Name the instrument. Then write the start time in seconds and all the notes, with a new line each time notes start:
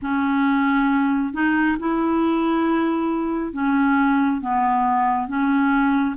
clarinet
0.02 C#4
1.33 D#4
1.79 E4
3.53 C#4
4.41 B3
5.27 C#4